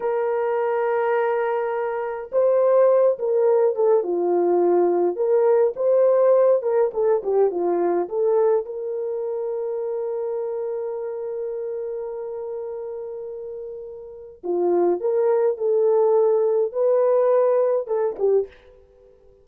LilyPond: \new Staff \with { instrumentName = "horn" } { \time 4/4 \tempo 4 = 104 ais'1 | c''4. ais'4 a'8 f'4~ | f'4 ais'4 c''4. ais'8 | a'8 g'8 f'4 a'4 ais'4~ |
ais'1~ | ais'1~ | ais'4 f'4 ais'4 a'4~ | a'4 b'2 a'8 g'8 | }